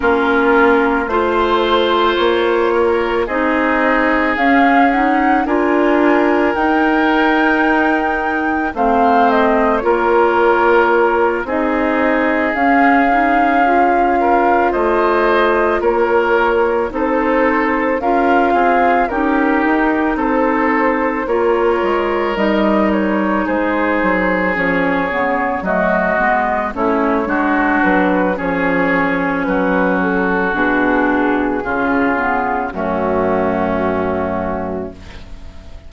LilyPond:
<<
  \new Staff \with { instrumentName = "flute" } { \time 4/4 \tempo 4 = 55 ais'4 c''4 cis''4 dis''4 | f''8 fis''8 gis''4 g''2 | f''8 dis''8 cis''4. dis''4 f''8~ | f''4. dis''4 cis''4 c''8~ |
c''8 f''4 ais'4 c''4 cis''8~ | cis''8 dis''8 cis''8 c''4 cis''4 dis''8~ | dis''8 cis''4 b'8 cis''4 b'8 a'8 | gis'2 fis'2 | }
  \new Staff \with { instrumentName = "oboe" } { \time 4/4 f'4 c''4. ais'8 gis'4~ | gis'4 ais'2. | c''4 ais'4. gis'4.~ | gis'4 ais'8 c''4 ais'4 a'8~ |
a'8 ais'8 gis'8 g'4 a'4 ais'8~ | ais'4. gis'2 fis'8~ | fis'8 e'8 fis'4 gis'4 fis'4~ | fis'4 f'4 cis'2 | }
  \new Staff \with { instrumentName = "clarinet" } { \time 4/4 cis'4 f'2 dis'4 | cis'8 dis'8 f'4 dis'2 | c'4 f'4. dis'4 cis'8 | dis'8 f'2. dis'8~ |
dis'8 f'4 dis'2 f'8~ | f'8 dis'2 cis'8 b8 a8 | b8 cis'8 d'4 cis'2 | d'4 cis'8 b8 a2 | }
  \new Staff \with { instrumentName = "bassoon" } { \time 4/4 ais4 a4 ais4 c'4 | cis'4 d'4 dis'2 | a4 ais4. c'4 cis'8~ | cis'4. a4 ais4 c'8~ |
c'8 cis'8 c'8 cis'8 dis'8 c'4 ais8 | gis8 g4 gis8 fis8 f8 cis8 fis8 | gis8 a8 gis8 fis8 f4 fis4 | b,4 cis4 fis,2 | }
>>